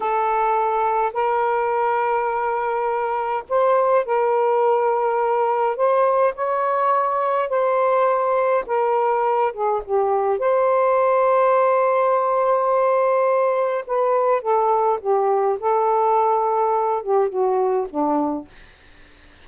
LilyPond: \new Staff \with { instrumentName = "saxophone" } { \time 4/4 \tempo 4 = 104 a'2 ais'2~ | ais'2 c''4 ais'4~ | ais'2 c''4 cis''4~ | cis''4 c''2 ais'4~ |
ais'8 gis'8 g'4 c''2~ | c''1 | b'4 a'4 g'4 a'4~ | a'4. g'8 fis'4 d'4 | }